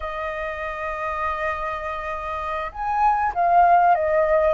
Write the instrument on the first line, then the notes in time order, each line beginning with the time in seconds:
flute
0.00 D#5
2.72 G#5
3.34 F5
3.94 D#5